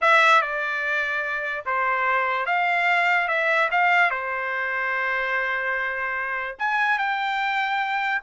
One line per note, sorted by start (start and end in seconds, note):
0.01 0.41 E5
0.41 1.64 D5
1.65 2.46 C5
2.46 3.28 F5
3.28 3.69 E5
3.71 4.10 F5
4.10 6.57 C5
6.58 6.98 G#5
6.98 8.21 G5